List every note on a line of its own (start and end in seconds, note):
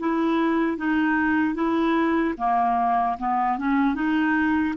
0.00 0.78 E4
0.78 1.55 D#4
1.55 2.35 E4
2.38 3.18 A#3
3.19 3.59 B3
3.59 3.95 C#4
3.95 4.75 D#4